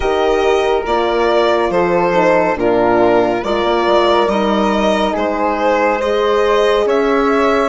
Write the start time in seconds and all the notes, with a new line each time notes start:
0.00 D#3 G4 A#4 D#5
0.86 A#3 F4 D5
1.69 F3 A4 C5
2.14 D#4
2.55 A#2 D4 F4 A#4
3.44 G#3 F4 A#4 D5
3.63 A#3
3.86 G#3
4.27 G3 D#4 D#5
5.12 G#3 G#4 C5
5.98 G#4 C5 D#5
6.85 C#4 C#5 E5